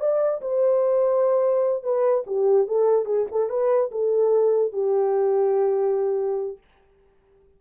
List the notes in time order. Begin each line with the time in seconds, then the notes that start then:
0.00 D5
0.41 C5
1.83 B4
2.27 G4
2.67 A4
3.05 G#4
3.31 A4
3.49 B4
3.92 A4
4.73 G4